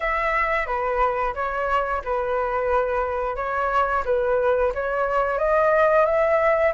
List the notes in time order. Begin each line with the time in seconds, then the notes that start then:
0.00 E5
0.66 B4
1.34 C#5
2.04 B4
3.36 C#5
4.05 B4
4.74 C#5
5.38 D#5
6.05 E5